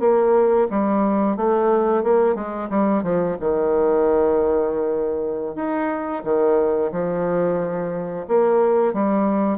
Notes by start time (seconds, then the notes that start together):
0.00 A#3
0.70 G3
1.37 A3
2.04 A#3
2.35 G#3
2.70 G3
3.03 F3
3.40 D#3
5.56 D#4
6.24 D#3
6.92 F3
8.28 A#3
8.94 G3